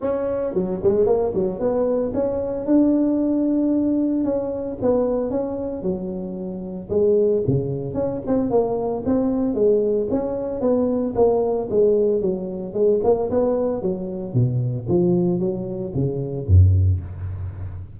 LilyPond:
\new Staff \with { instrumentName = "tuba" } { \time 4/4 \tempo 4 = 113 cis'4 fis8 gis8 ais8 fis8 b4 | cis'4 d'2. | cis'4 b4 cis'4 fis4~ | fis4 gis4 cis4 cis'8 c'8 |
ais4 c'4 gis4 cis'4 | b4 ais4 gis4 fis4 | gis8 ais8 b4 fis4 b,4 | f4 fis4 cis4 fis,4 | }